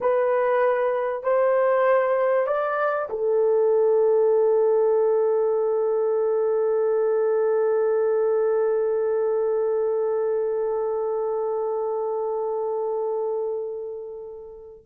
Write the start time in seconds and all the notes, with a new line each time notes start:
0.00 B4
1.23 C5
2.47 D5
3.09 A4